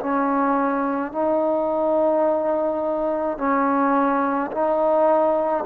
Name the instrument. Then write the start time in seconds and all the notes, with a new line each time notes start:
trombone
0.00 C#4
1.12 D#4
3.38 C#4
4.51 D#4